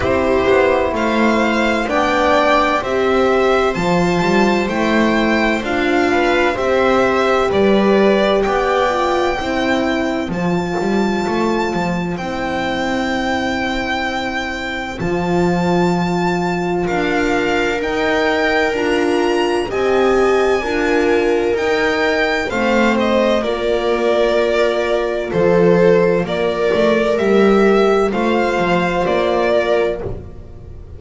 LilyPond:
<<
  \new Staff \with { instrumentName = "violin" } { \time 4/4 \tempo 4 = 64 c''4 f''4 g''4 e''4 | a''4 g''4 f''4 e''4 | d''4 g''2 a''4~ | a''4 g''2. |
a''2 f''4 g''4 | ais''4 gis''2 g''4 | f''8 dis''8 d''2 c''4 | d''4 e''4 f''4 d''4 | }
  \new Staff \with { instrumentName = "viola" } { \time 4/4 g'4 c''4 d''4 c''4~ | c''2~ c''8 b'8 c''4 | b'4 d''4 c''2~ | c''1~ |
c''2 ais'2~ | ais'4 dis''4 ais'2 | c''4 ais'2 a'4 | ais'2 c''4. ais'8 | }
  \new Staff \with { instrumentName = "horn" } { \time 4/4 e'2 d'4 g'4 | f'4 e'4 f'4 g'4~ | g'4. f'8 e'4 f'4~ | f'4 e'2. |
f'2. dis'4 | f'4 g'4 f'4 dis'4 | c'4 f'2.~ | f'4 g'4 f'2 | }
  \new Staff \with { instrumentName = "double bass" } { \time 4/4 c'8 b8 a4 b4 c'4 | f8 g8 a4 d'4 c'4 | g4 b4 c'4 f8 g8 | a8 f8 c'2. |
f2 d'4 dis'4 | d'4 c'4 d'4 dis'4 | a4 ais2 f4 | ais8 a8 g4 a8 f8 ais4 | }
>>